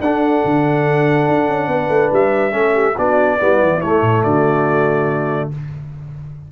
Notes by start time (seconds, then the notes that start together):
0.00 D4 A4 F#5
0.44 D3
1.28 D4
1.48 C#4
1.67 B3 B4
1.88 A3
2.12 G3 E5
2.51 A3 C#4 A4
2.74 G4
2.96 B3 D4 F#4 D5
3.39 G3 B3 E4
3.61 E3
3.80 A3 C#5
4.01 A2
4.23 D3 F#4 D5